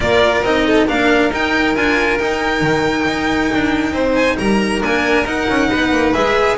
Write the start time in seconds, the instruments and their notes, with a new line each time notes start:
0.00 double bass A#3, cello F4, violin A#4 D5
0.43 double bass C4, cello D#4, violin D#5
0.66 violin A4
0.87 double bass A#3, cello D4, violin A#4 F5
1.31 double bass D#4, cello D#4, violin G5
1.75 double bass D4, cello F4, violin G#5
2.18 cello D#4, double bass D#4, violin G5
2.61 double bass D#3
3.06 double bass D#4
3.54 double bass D4
3.92 double bass C4, violin C5
4.15 violin G#5
4.37 double bass G3, violin A#4 A#5
4.81 double bass A#3, cello D4, violin G#5
5.24 double bass D#4, cello D#4, violin F#5
5.49 double bass C#4
5.69 double bass B3, violin B4
5.91 double bass A#3
6.13 double bass G#3, cello G#4, violin E5